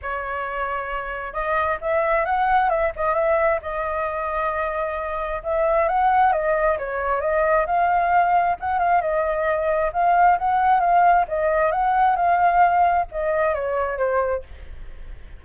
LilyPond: \new Staff \with { instrumentName = "flute" } { \time 4/4 \tempo 4 = 133 cis''2. dis''4 | e''4 fis''4 e''8 dis''8 e''4 | dis''1 | e''4 fis''4 dis''4 cis''4 |
dis''4 f''2 fis''8 f''8 | dis''2 f''4 fis''4 | f''4 dis''4 fis''4 f''4~ | f''4 dis''4 cis''4 c''4 | }